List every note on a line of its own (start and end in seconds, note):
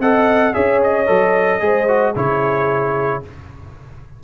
0.00 0.54 C4
0.00 0.53 A4
0.00 0.53 D#5
0.00 0.54 F#5
0.53 1.09 C#4
0.53 1.06 G#4
0.53 1.61 C#5
0.53 0.81 E5
0.83 2.16 D#5
1.06 1.61 F#3
1.06 1.60 A4
1.60 2.15 G#3
1.60 1.86 G#4
1.60 2.14 C5
1.88 2.15 F#4
2.14 3.23 C#3
2.14 3.23 E4
2.14 3.21 G#4
2.14 3.23 C#5